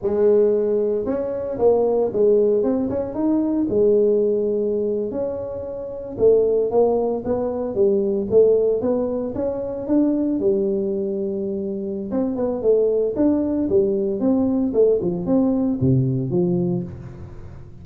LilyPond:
\new Staff \with { instrumentName = "tuba" } { \time 4/4 \tempo 4 = 114 gis2 cis'4 ais4 | gis4 c'8 cis'8 dis'4 gis4~ | gis4.~ gis16 cis'2 a16~ | a8. ais4 b4 g4 a16~ |
a8. b4 cis'4 d'4 g16~ | g2. c'8 b8 | a4 d'4 g4 c'4 | a8 f8 c'4 c4 f4 | }